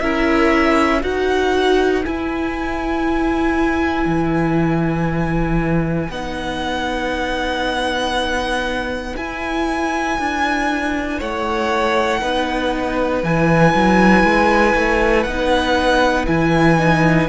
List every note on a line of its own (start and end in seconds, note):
0.00 1.03 C#4
0.00 1.01 E4
0.00 1.01 A#4
0.00 1.02 E5
1.01 2.05 D#4
1.01 2.03 F#4
1.01 11.18 B4
1.01 2.05 F#5
2.04 6.11 E4
2.04 4.05 E4
2.04 6.11 G#5
4.05 6.09 E3
6.10 9.15 B3
6.10 9.18 D#4
6.10 9.16 F#5
9.17 10.19 E4
9.17 12.21 E4
9.17 11.20 G#5
10.19 11.21 D4
11.18 12.22 A3
11.18 12.20 C#5
11.18 13.24 F#5
12.21 13.23 B3
12.21 13.23 D#4
12.21 17.29 B4
13.24 13.74 E3
13.24 15.28 E4
13.24 15.24 G#5
13.75 14.24 F#3
14.24 14.75 G#3
14.75 15.26 A3
15.24 16.28 B3
15.24 16.27 D#4
15.24 16.25 F#5
16.27 17.29 E3
16.27 16.78 E4
16.27 17.29 G#5
16.79 17.29 D#4